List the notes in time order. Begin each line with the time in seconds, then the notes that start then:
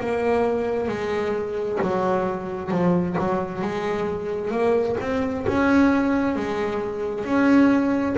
0.00 A#3
0.88 G#3
1.82 F#3
2.71 F3
3.19 F#3
3.62 G#3
4.51 A#3
5.01 C4
5.48 C#4
6.36 G#3
7.25 C#4